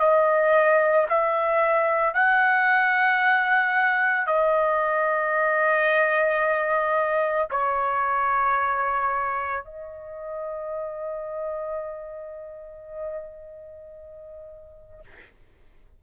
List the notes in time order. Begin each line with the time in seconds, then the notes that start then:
0.00 D#5
1.10 E5
2.15 F#5
4.28 D#5
7.51 C#5
9.65 D#5